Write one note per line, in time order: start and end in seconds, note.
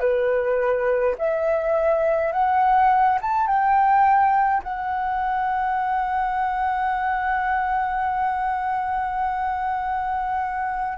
0.00 1.15 B4
1.19 2.33 E5
2.33 3.19 F#5
3.22 3.48 A5
3.48 4.63 G5
4.64 10.98 F#5